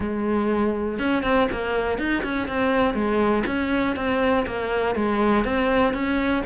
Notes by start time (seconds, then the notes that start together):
0.00 G#3
0.98 C#4
1.23 C4
1.51 A#3
1.98 D#4
2.23 C#4
2.47 C4
2.94 G#3
3.46 C#4
3.96 C4
4.46 A#3
4.95 G#3
5.44 C4
5.93 C#4